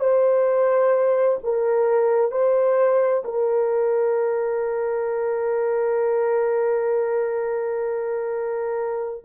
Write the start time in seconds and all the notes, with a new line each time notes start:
0.00 C5
1.43 A#4
2.31 C5
3.24 A#4